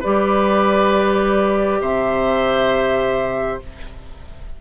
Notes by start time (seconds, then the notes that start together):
0.00 G3 G4 B4 D5
1.81 C3 C5 E5